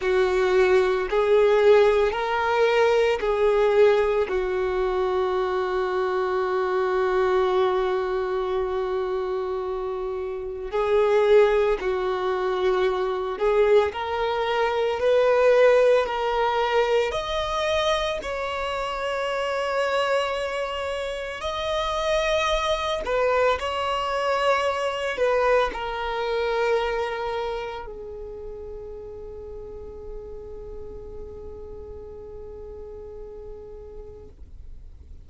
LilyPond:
\new Staff \with { instrumentName = "violin" } { \time 4/4 \tempo 4 = 56 fis'4 gis'4 ais'4 gis'4 | fis'1~ | fis'2 gis'4 fis'4~ | fis'8 gis'8 ais'4 b'4 ais'4 |
dis''4 cis''2. | dis''4. b'8 cis''4. b'8 | ais'2 gis'2~ | gis'1 | }